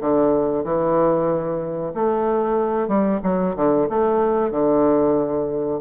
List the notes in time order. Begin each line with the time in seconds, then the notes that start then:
0.00 D3
0.64 E3
1.94 A3
2.87 G3
3.23 F#3
3.55 D3
3.89 A3
4.51 D3